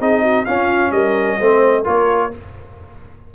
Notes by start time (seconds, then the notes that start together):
0.00 C4 D#4 G#4 D#5
0.22 F#4
0.46 C#4 F4 F5
0.91 G3 A#4 D#5
1.39 A3 C4 C5
1.84 A#3 F4 A#4 C#5